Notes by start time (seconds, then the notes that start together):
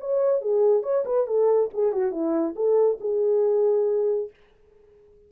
0.00 C#5
0.41 G#4
0.83 C#5
1.05 B4
1.27 A4
1.73 G#4
1.92 F#4
2.12 E4
2.55 A4
3.00 G#4